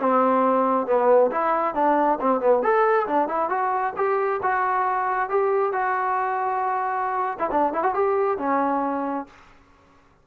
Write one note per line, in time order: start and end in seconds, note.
0.00 0.87 C4
0.87 1.31 B3
1.31 1.75 E4
1.75 2.19 D4
2.21 2.41 C4
2.41 2.63 B3
2.63 3.07 A4
3.07 3.28 D4
3.28 3.50 E4
3.50 3.94 F#4
3.97 4.41 G4
4.43 5.29 F#4
5.29 5.73 G4
5.73 7.38 F#4
7.39 7.50 E4
7.51 7.73 D4
7.73 7.83 E4
7.83 7.94 F#4
7.94 8.38 G4
8.38 9.27 C#4